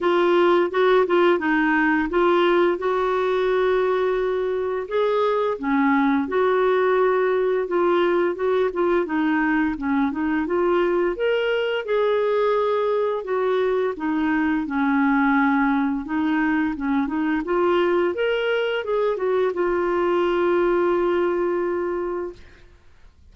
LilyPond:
\new Staff \with { instrumentName = "clarinet" } { \time 4/4 \tempo 4 = 86 f'4 fis'8 f'8 dis'4 f'4 | fis'2. gis'4 | cis'4 fis'2 f'4 | fis'8 f'8 dis'4 cis'8 dis'8 f'4 |
ais'4 gis'2 fis'4 | dis'4 cis'2 dis'4 | cis'8 dis'8 f'4 ais'4 gis'8 fis'8 | f'1 | }